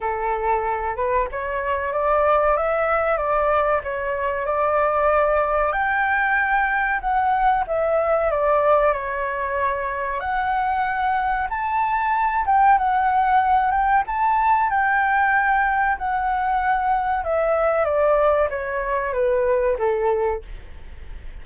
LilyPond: \new Staff \with { instrumentName = "flute" } { \time 4/4 \tempo 4 = 94 a'4. b'8 cis''4 d''4 | e''4 d''4 cis''4 d''4~ | d''4 g''2 fis''4 | e''4 d''4 cis''2 |
fis''2 a''4. g''8 | fis''4. g''8 a''4 g''4~ | g''4 fis''2 e''4 | d''4 cis''4 b'4 a'4 | }